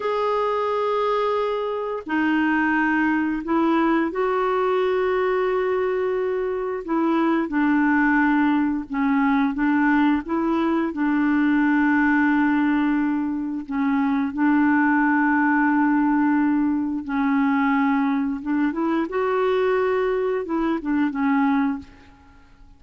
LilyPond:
\new Staff \with { instrumentName = "clarinet" } { \time 4/4 \tempo 4 = 88 gis'2. dis'4~ | dis'4 e'4 fis'2~ | fis'2 e'4 d'4~ | d'4 cis'4 d'4 e'4 |
d'1 | cis'4 d'2.~ | d'4 cis'2 d'8 e'8 | fis'2 e'8 d'8 cis'4 | }